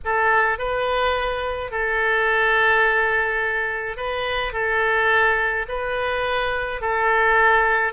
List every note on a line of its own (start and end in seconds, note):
0.04 0.58 A4
0.58 1.71 B4
1.71 3.96 A4
3.96 4.52 B4
4.52 5.66 A4
5.68 6.81 B4
6.81 7.92 A4